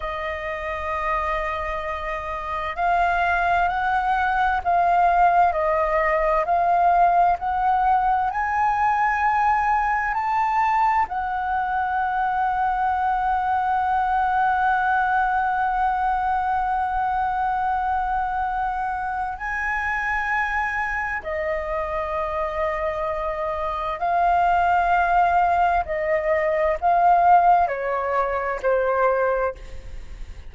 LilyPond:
\new Staff \with { instrumentName = "flute" } { \time 4/4 \tempo 4 = 65 dis''2. f''4 | fis''4 f''4 dis''4 f''4 | fis''4 gis''2 a''4 | fis''1~ |
fis''1~ | fis''4 gis''2 dis''4~ | dis''2 f''2 | dis''4 f''4 cis''4 c''4 | }